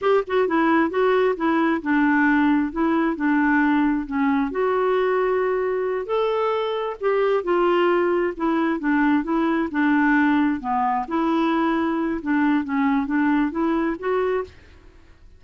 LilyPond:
\new Staff \with { instrumentName = "clarinet" } { \time 4/4 \tempo 4 = 133 g'8 fis'8 e'4 fis'4 e'4 | d'2 e'4 d'4~ | d'4 cis'4 fis'2~ | fis'4. a'2 g'8~ |
g'8 f'2 e'4 d'8~ | d'8 e'4 d'2 b8~ | b8 e'2~ e'8 d'4 | cis'4 d'4 e'4 fis'4 | }